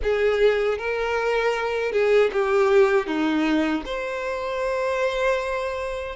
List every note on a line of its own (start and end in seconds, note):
0.02 0.78 G#4
0.78 1.92 A#4
1.92 2.30 G#4
2.32 3.06 G4
3.06 3.83 D#4
3.85 6.15 C5